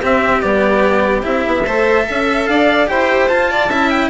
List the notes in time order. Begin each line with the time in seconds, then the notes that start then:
0.00 C4 G4 E5
0.41 G3 B3 D5
1.22 C4 E4 E5
1.46 B3
1.65 A3 A4 C5
2.08 C#4 E5
2.46 D4 D5 F5
2.87 E4 G4 C5 G5
3.28 F4 A5
3.50 D5
3.68 C#4 E4 E5
3.90 G5